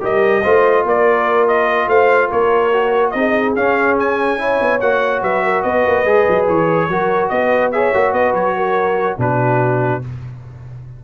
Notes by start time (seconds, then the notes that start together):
0.00 G3 G4 A#4 D#5
0.42 A3 F4 C5
0.84 A#3 A#4 D5
1.47 D#5
1.87 A3 C5 F5
2.28 A#3 A#4 C#5
2.73 F#4
3.10 C4 D#4 G#4 D#5
3.55 C#4 F5
3.99 G#5
4.38 E4 C#5
4.61 B3
4.80 A#3 F#4 F#5
5.22 F#3 B4 E5
5.43 A#4
5.62 B3 B4 D#5
5.86 A#3
6.05 G#3 G#4
6.28 F#3
6.48 E3 C#5
6.88 F#3 F#4 A#4
7.28 B3 B4 D#5
7.71 G#4 C#5 E5
7.94 A#3 F#4
8.12 B3 B4 D#5
8.33 F#3 C#5
8.55 A#4
9.18 B2 D4 F#4 B4